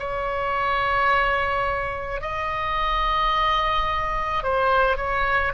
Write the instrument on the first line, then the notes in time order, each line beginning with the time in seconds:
oboe
0.00 C#5
2.22 D#5
4.44 C5
4.97 C#5